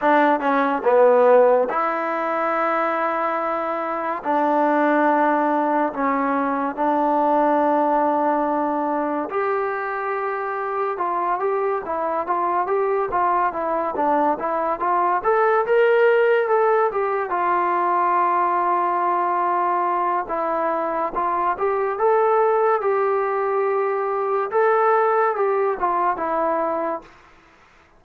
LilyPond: \new Staff \with { instrumentName = "trombone" } { \time 4/4 \tempo 4 = 71 d'8 cis'8 b4 e'2~ | e'4 d'2 cis'4 | d'2. g'4~ | g'4 f'8 g'8 e'8 f'8 g'8 f'8 |
e'8 d'8 e'8 f'8 a'8 ais'4 a'8 | g'8 f'2.~ f'8 | e'4 f'8 g'8 a'4 g'4~ | g'4 a'4 g'8 f'8 e'4 | }